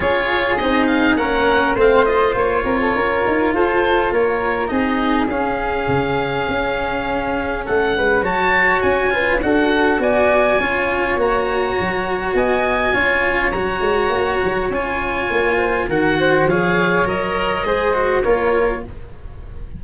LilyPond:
<<
  \new Staff \with { instrumentName = "oboe" } { \time 4/4 \tempo 4 = 102 cis''4 dis''8 f''8 fis''4 f''8 dis''8 | cis''2 c''4 cis''4 | dis''4 f''2.~ | f''4 fis''4 a''4 gis''4 |
fis''4 gis''2 ais''4~ | ais''4 gis''2 ais''4~ | ais''4 gis''2 fis''4 | f''4 dis''2 cis''4 | }
  \new Staff \with { instrumentName = "flute" } { \time 4/4 gis'2 ais'4 c''4~ | c''8 ais'16 a'16 ais'4 a'4 ais'4 | gis'1~ | gis'4 a'8 b'8 cis''4. b'8 |
a'4 d''4 cis''2~ | cis''4 dis''4 cis''2~ | cis''2~ cis''8 c''8 ais'8 c''8 | cis''2 c''4 ais'4 | }
  \new Staff \with { instrumentName = "cello" } { \time 4/4 f'4 dis'4 cis'4 c'8 f'8~ | f'1 | dis'4 cis'2.~ | cis'2 fis'4. f'8 |
fis'2 f'4 fis'4~ | fis'2 f'4 fis'4~ | fis'4 f'2 fis'4 | gis'4 ais'4 gis'8 fis'8 f'4 | }
  \new Staff \with { instrumentName = "tuba" } { \time 4/4 cis'4 c'4 ais4 a4 | ais8 c'8 cis'8 dis'8 f'4 ais4 | c'4 cis'4 cis4 cis'4~ | cis'4 a8 gis8 fis4 cis'4 |
d'4 b4 cis'4 ais4 | fis4 b4 cis'4 fis8 gis8 | ais8 fis8 cis'4 ais4 dis4 | f4 fis4 gis4 ais4 | }
>>